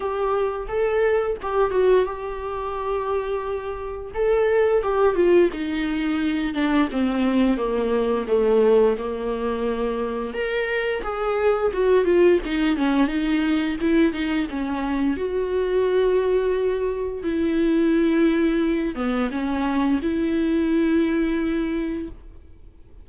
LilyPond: \new Staff \with { instrumentName = "viola" } { \time 4/4 \tempo 4 = 87 g'4 a'4 g'8 fis'8 g'4~ | g'2 a'4 g'8 f'8 | dis'4. d'8 c'4 ais4 | a4 ais2 ais'4 |
gis'4 fis'8 f'8 dis'8 cis'8 dis'4 | e'8 dis'8 cis'4 fis'2~ | fis'4 e'2~ e'8 b8 | cis'4 e'2. | }